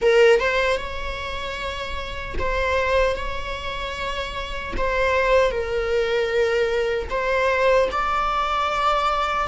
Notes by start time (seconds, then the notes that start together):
0.01 A#4
0.39 C5
0.77 C#5
2.39 C5
3.15 C#5
4.77 C5
5.50 A#4
7.10 C5
7.91 D5